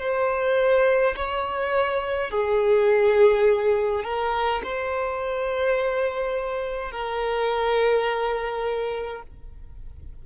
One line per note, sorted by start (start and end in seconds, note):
0.00 1.15 C5
1.16 2.31 C#5
2.31 4.04 G#4
4.04 4.62 A#4
4.64 6.92 C5
6.92 9.23 A#4